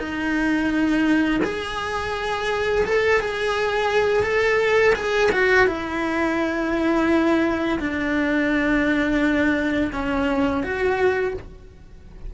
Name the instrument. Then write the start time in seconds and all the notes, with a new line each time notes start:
cello
0.00 D#4
1.44 G#4
2.86 A4
3.21 G#4
4.24 A4
4.96 G#4
5.32 F#4
5.68 E4
7.80 D4
9.93 C#4
10.64 F#4